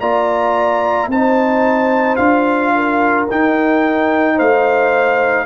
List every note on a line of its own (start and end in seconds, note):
0.00 1.08 A#3
0.00 1.11 F4
0.00 1.10 D5
0.00 1.09 A#5
1.08 2.17 C4
1.08 2.19 D#4
1.08 2.74 C5
1.08 2.16 A5
2.16 3.27 D4
2.16 3.28 F4
2.16 3.25 F5
2.75 4.35 A#4
3.30 4.39 D#4
3.30 5.46 D#4
3.30 4.39 G5
4.35 5.46 A3
4.35 5.45 C5
4.35 5.46 F5